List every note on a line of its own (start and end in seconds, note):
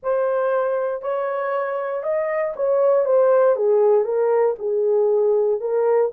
0.02 1.01 C5
1.01 2.03 C#5
2.03 2.54 D#5
2.55 3.05 C#5
3.05 3.56 C5
3.56 4.04 G#4
4.04 4.55 A#4
4.58 5.60 G#4
5.60 6.11 A#4